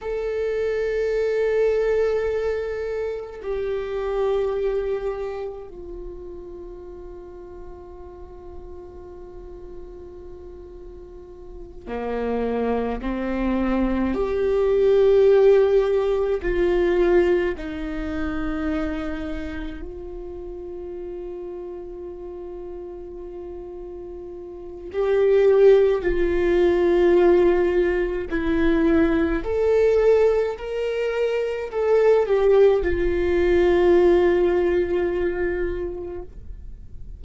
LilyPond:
\new Staff \with { instrumentName = "viola" } { \time 4/4 \tempo 4 = 53 a'2. g'4~ | g'4 f'2.~ | f'2~ f'8 ais4 c'8~ | c'8 g'2 f'4 dis'8~ |
dis'4. f'2~ f'8~ | f'2 g'4 f'4~ | f'4 e'4 a'4 ais'4 | a'8 g'8 f'2. | }